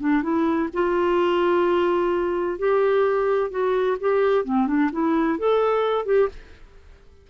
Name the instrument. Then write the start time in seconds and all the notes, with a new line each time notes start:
clarinet
0.00 D4
0.23 E4
0.73 F4
2.59 G4
3.51 F#4
4.00 G4
4.45 C4
4.67 D4
4.92 E4
5.39 A4
6.05 G4